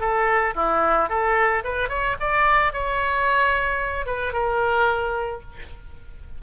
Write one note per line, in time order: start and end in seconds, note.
0.00 0.54 A4
0.55 1.09 E4
1.09 1.63 A4
1.64 1.89 B4
1.89 2.16 C#5
2.20 2.73 D5
2.73 4.06 C#5
4.06 4.33 B4
4.33 5.41 A#4